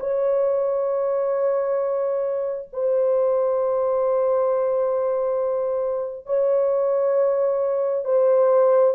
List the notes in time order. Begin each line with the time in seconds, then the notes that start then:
0.00 C#5
2.73 C5
6.26 C#5
8.05 C5